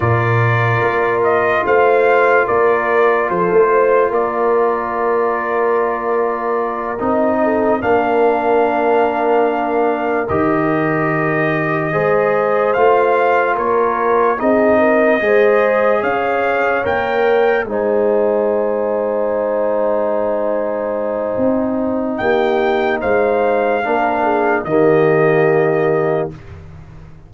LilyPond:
<<
  \new Staff \with { instrumentName = "trumpet" } { \time 4/4 \tempo 4 = 73 d''4. dis''8 f''4 d''4 | c''4 d''2.~ | d''8 dis''4 f''2~ f''8~ | f''8 dis''2. f''8~ |
f''8 cis''4 dis''2 f''8~ | f''8 g''4 gis''2~ gis''8~ | gis''2. g''4 | f''2 dis''2 | }
  \new Staff \with { instrumentName = "horn" } { \time 4/4 ais'2 c''4 ais'4 | a'8 c''8 ais'2.~ | ais'4 a'8 ais'2~ ais'8~ | ais'2~ ais'8 c''4.~ |
c''8 ais'4 gis'8 ais'8 c''4 cis''8~ | cis''4. c''2~ c''8~ | c''2. g'4 | c''4 ais'8 gis'8 g'2 | }
  \new Staff \with { instrumentName = "trombone" } { \time 4/4 f'1~ | f'1~ | f'8 dis'4 d'2~ d'8~ | d'8 g'2 gis'4 f'8~ |
f'4. dis'4 gis'4.~ | gis'8 ais'4 dis'2~ dis'8~ | dis'1~ | dis'4 d'4 ais2 | }
  \new Staff \with { instrumentName = "tuba" } { \time 4/4 ais,4 ais4 a4 ais4 | f16 a8. ais2.~ | ais8 c'4 ais2~ ais8~ | ais8 dis2 gis4 a8~ |
a8 ais4 c'4 gis4 cis'8~ | cis'8 ais4 gis2~ gis8~ | gis2 c'4 ais4 | gis4 ais4 dis2 | }
>>